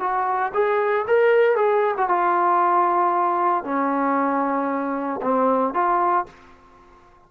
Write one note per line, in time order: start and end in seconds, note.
0.00 0.52 F#4
0.54 1.06 G#4
1.07 1.56 A#4
1.56 1.95 G#4
1.97 2.09 F#4
2.09 3.64 F4
3.64 5.21 C#4
5.22 5.74 C4
5.74 6.26 F4